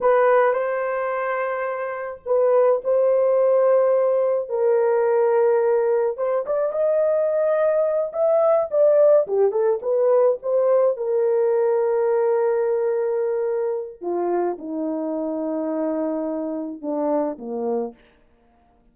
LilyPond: \new Staff \with { instrumentName = "horn" } { \time 4/4 \tempo 4 = 107 b'4 c''2. | b'4 c''2. | ais'2. c''8 d''8 | dis''2~ dis''8 e''4 d''8~ |
d''8 g'8 a'8 b'4 c''4 ais'8~ | ais'1~ | ais'4 f'4 dis'2~ | dis'2 d'4 ais4 | }